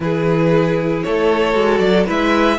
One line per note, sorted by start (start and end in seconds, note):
0.00 1.03 E3
0.00 1.53 E4
0.00 1.05 G#4
0.00 1.02 B4
1.02 1.54 A3
1.02 2.06 A4
1.02 1.79 C#5
1.53 1.79 G#3
1.53 2.05 F#4
1.79 2.05 F#3
1.79 2.04 D5
2.06 2.58 G#3
2.06 2.58 E4
2.06 2.58 B4
2.06 2.58 E5